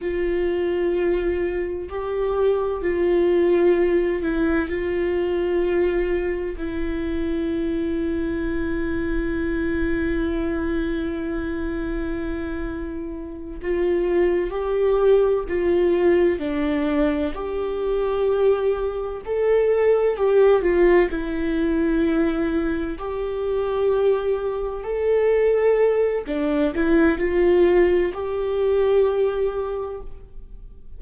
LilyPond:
\new Staff \with { instrumentName = "viola" } { \time 4/4 \tempo 4 = 64 f'2 g'4 f'4~ | f'8 e'8 f'2 e'4~ | e'1~ | e'2~ e'8 f'4 g'8~ |
g'8 f'4 d'4 g'4.~ | g'8 a'4 g'8 f'8 e'4.~ | e'8 g'2 a'4. | d'8 e'8 f'4 g'2 | }